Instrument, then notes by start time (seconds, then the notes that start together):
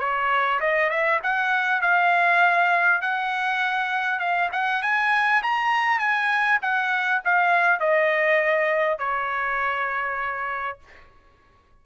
trumpet
0.00 C#5
0.60 D#5
0.90 E5
1.23 F#5
1.82 F5
3.02 F#5
4.20 F5
4.52 F#5
4.82 G#5
5.43 A#5
5.99 G#5
6.62 F#5
7.25 F5
7.80 D#5
8.99 C#5